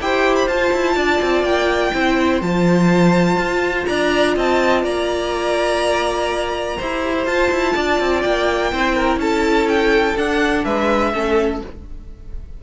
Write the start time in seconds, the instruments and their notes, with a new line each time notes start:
0.00 cello E4, viola G4, violin C5 G5
0.35 violin B5
0.47 cello F4, viola F4, violin A5
0.73 cello E4
0.95 cello D4, violin D5
1.22 cello C4
1.42 cello A#3, violin G5
1.93 cello C4, viola E4, violin C5
2.41 cello F3, viola F4, violin A5
3.37 cello F4
3.86 cello D4, violin D5 A#5
4.36 cello C4, violin D#5 A5
4.84 cello A#3, violin D5 A#5
6.77 cello E4, viola G4, violin C5
7.26 cello F4, viola F4, violin A5
7.51 cello E4
7.74 cello D4, violin D5
8.00 cello C4
8.21 cello A#3, violin G5
8.72 cello C4, viola E4, violin C5
8.95 violin A#4
9.17 cello C#4, violin A4 A5
9.68 violin G5
10.15 cello D4, viola D4, violin F#5
10.64 cello G#3, violin B4 E5
11.13 cello A3, viola C#4, violin A4